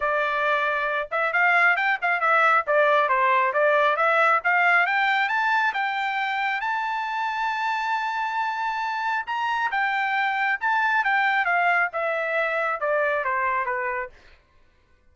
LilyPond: \new Staff \with { instrumentName = "trumpet" } { \time 4/4 \tempo 4 = 136 d''2~ d''8 e''8 f''4 | g''8 f''8 e''4 d''4 c''4 | d''4 e''4 f''4 g''4 | a''4 g''2 a''4~ |
a''1~ | a''4 ais''4 g''2 | a''4 g''4 f''4 e''4~ | e''4 d''4 c''4 b'4 | }